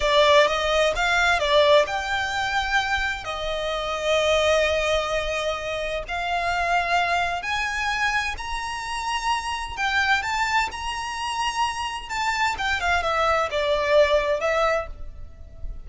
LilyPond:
\new Staff \with { instrumentName = "violin" } { \time 4/4 \tempo 4 = 129 d''4 dis''4 f''4 d''4 | g''2. dis''4~ | dis''1~ | dis''4 f''2. |
gis''2 ais''2~ | ais''4 g''4 a''4 ais''4~ | ais''2 a''4 g''8 f''8 | e''4 d''2 e''4 | }